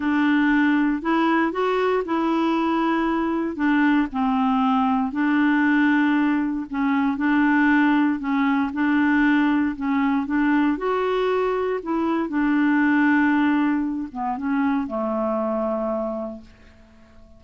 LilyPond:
\new Staff \with { instrumentName = "clarinet" } { \time 4/4 \tempo 4 = 117 d'2 e'4 fis'4 | e'2. d'4 | c'2 d'2~ | d'4 cis'4 d'2 |
cis'4 d'2 cis'4 | d'4 fis'2 e'4 | d'2.~ d'8 b8 | cis'4 a2. | }